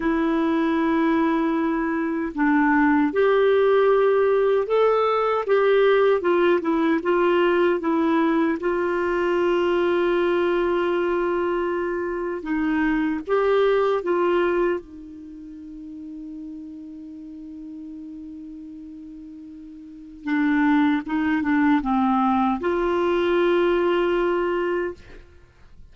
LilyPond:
\new Staff \with { instrumentName = "clarinet" } { \time 4/4 \tempo 4 = 77 e'2. d'4 | g'2 a'4 g'4 | f'8 e'8 f'4 e'4 f'4~ | f'1 |
dis'4 g'4 f'4 dis'4~ | dis'1~ | dis'2 d'4 dis'8 d'8 | c'4 f'2. | }